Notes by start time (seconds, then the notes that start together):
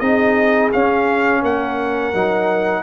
0.00 C4 D#4 G#4 D#5
0.73 C#4 F5
1.42 A#3 A#4 F#5
2.14 F#3 D#4